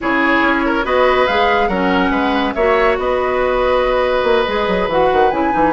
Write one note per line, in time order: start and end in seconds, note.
0.01 0.41 C#3
0.01 0.84 E4
0.01 0.65 G#4
0.01 0.85 C#5
0.41 0.83 C#4
0.65 0.85 A#4
0.84 1.27 B3
0.84 1.26 F#4
0.84 1.68 B4
0.84 1.27 D#5
1.27 1.68 G#3
1.27 1.71 G#4
1.27 1.68 F5
1.68 2.10 F#3
1.68 2.56 C#4
1.68 2.11 A#4
1.68 2.53 F#5
2.10 2.53 G#3
2.10 2.53 B4
2.54 2.97 A#3
2.54 4.46 F#4
2.54 2.97 C#5
2.54 2.96 E5
2.97 4.23 B3
2.97 5.73 B4
2.97 4.90 D#5
4.23 4.44 A#3
4.46 4.67 G#3
4.46 4.89 G#4
4.67 4.88 F#3
4.88 5.09 E3
4.88 5.32 F#4
4.88 5.30 F#5
5.12 5.31 D#3
5.30 5.53 C#3
5.30 5.51 E4
5.30 5.73 G#5
5.51 5.73 E3
5.51 5.72 D#4